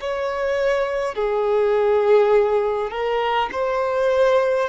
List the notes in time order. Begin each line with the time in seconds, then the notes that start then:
0.00 C#5
1.14 G#4
2.90 A#4
3.52 C5